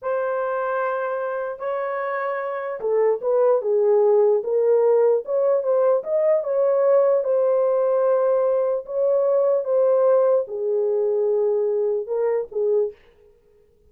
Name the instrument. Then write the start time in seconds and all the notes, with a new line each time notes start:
horn
0.01 C5
1.59 C#5
2.80 A4
3.21 B4
3.61 G#4
4.43 A#4
5.25 C#5
5.63 C5
6.03 D#5
6.43 C#5
7.24 C5
8.85 C#5
9.64 C5
10.47 G#4
12.06 A#4
12.51 G#4